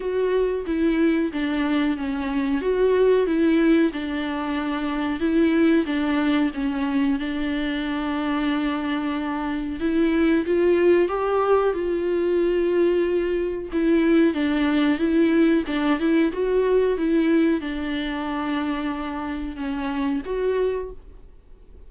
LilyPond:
\new Staff \with { instrumentName = "viola" } { \time 4/4 \tempo 4 = 92 fis'4 e'4 d'4 cis'4 | fis'4 e'4 d'2 | e'4 d'4 cis'4 d'4~ | d'2. e'4 |
f'4 g'4 f'2~ | f'4 e'4 d'4 e'4 | d'8 e'8 fis'4 e'4 d'4~ | d'2 cis'4 fis'4 | }